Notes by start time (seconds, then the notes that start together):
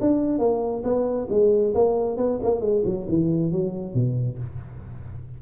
0.00 D4
0.39 A#3
0.83 B3
1.29 G#3
1.74 A#3
2.17 B3
2.42 A#3
2.60 G#3
2.85 F#3
3.08 E3
3.51 F#3
3.94 B2